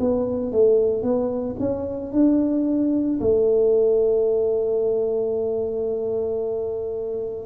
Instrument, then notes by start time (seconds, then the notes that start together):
tuba
0.00 B3
0.52 A3
1.03 B3
1.60 C#4
2.12 D4
3.20 A3